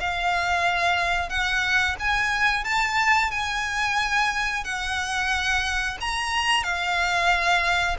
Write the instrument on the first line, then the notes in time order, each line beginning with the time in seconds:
violin
0.00 F5
1.29 F#5
1.99 G#5
2.64 A5
3.31 G#5
4.64 F#5
6.00 A#5
6.63 F5